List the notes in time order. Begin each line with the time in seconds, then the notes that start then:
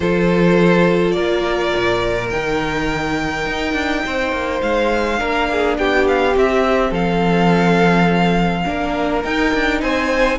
0.00 F3 F4 A4 C5
1.11 A#3 A#4 D5
1.75 A#2
2.30 D#3 D#4 G5
3.45 D#4
3.73 D4
4.05 C4 C5
4.32 A#3
4.61 G#3 F5
5.17 A#3 D4 A#4
5.51 G#4
5.77 B3 G4 G5
6.07 F5
6.34 C4 E5
6.90 F3 A4 F5
8.65 A#3 D4 A#4
9.23 D#4 G5
9.54 D4
9.80 C4 C5 G#5